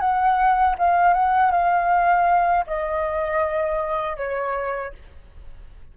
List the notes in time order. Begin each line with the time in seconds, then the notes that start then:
0.00 F#5
0.79 F5
1.14 F#5
1.51 F5
2.67 D#5
4.17 C#5